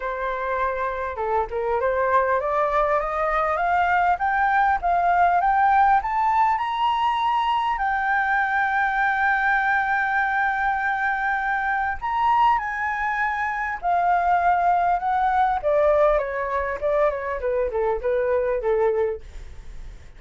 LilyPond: \new Staff \with { instrumentName = "flute" } { \time 4/4 \tempo 4 = 100 c''2 a'8 ais'8 c''4 | d''4 dis''4 f''4 g''4 | f''4 g''4 a''4 ais''4~ | ais''4 g''2.~ |
g''1 | ais''4 gis''2 f''4~ | f''4 fis''4 d''4 cis''4 | d''8 cis''8 b'8 a'8 b'4 a'4 | }